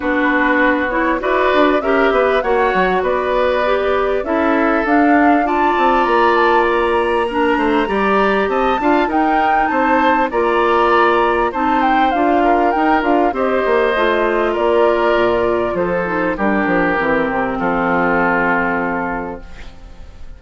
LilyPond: <<
  \new Staff \with { instrumentName = "flute" } { \time 4/4 \tempo 4 = 99 b'4. cis''8 d''4 e''4 | fis''4 d''2 e''4 | f''4 a''4 ais''8 a''8 ais''4~ | ais''2 a''4 g''4 |
a''4 ais''2 a''8 g''8 | f''4 g''8 f''8 dis''2 | d''2 c''4 ais'4~ | ais'4 a'2. | }
  \new Staff \with { instrumentName = "oboe" } { \time 4/4 fis'2 b'4 ais'8 b'8 | cis''4 b'2 a'4~ | a'4 d''2. | ais'8 c''8 d''4 dis''8 f''8 ais'4 |
c''4 d''2 c''4~ | c''8 ais'4. c''2 | ais'2 a'4 g'4~ | g'4 f'2. | }
  \new Staff \with { instrumentName = "clarinet" } { \time 4/4 d'4. e'8 fis'4 g'4 | fis'2 g'4 e'4 | d'4 f'2. | d'4 g'4. f'8 dis'4~ |
dis'4 f'2 dis'4 | f'4 dis'8 f'8 g'4 f'4~ | f'2~ f'8 dis'8 d'4 | c'1 | }
  \new Staff \with { instrumentName = "bassoon" } { \time 4/4 b2 e'8 d'8 cis'8 b8 | ais8 fis8 b2 cis'4 | d'4. c'8 ais2~ | ais8 a8 g4 c'8 d'8 dis'4 |
c'4 ais2 c'4 | d'4 dis'8 d'8 c'8 ais8 a4 | ais4 ais,4 f4 g8 f8 | e8 c8 f2. | }
>>